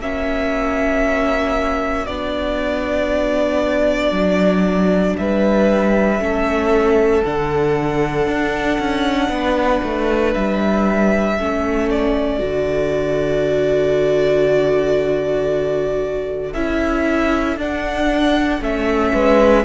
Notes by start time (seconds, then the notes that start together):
0.00 A#3 C#4 F#4 E5
2.06 B3 D4 D5
4.11 F#3
5.17 G3 B4 E5
6.19 A3 C#4 A4
7.24 D3 D4 F#5
8.27 D4
8.79 C#4
9.29 B3 B4
9.83 A3
10.34 G3 E5
11.37 A3 C#4 A4
11.90 D5
12.39 D3 F#4
16.53 C#4 E4 E5
17.56 D4 F#5
18.61 A3 C#4 E5
19.13 G#3 B4